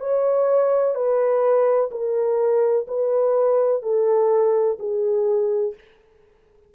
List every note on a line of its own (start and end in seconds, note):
0.00 0.94 C#5
0.94 1.90 B4
1.91 2.86 A#4
2.87 3.82 B4
3.82 4.77 A4
4.79 5.74 G#4